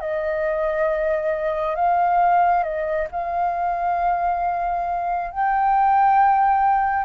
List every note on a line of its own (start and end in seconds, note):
0.00 1.75 D#5
1.75 2.63 F5
2.63 3.07 D#5
3.11 5.31 F5
5.31 7.05 G5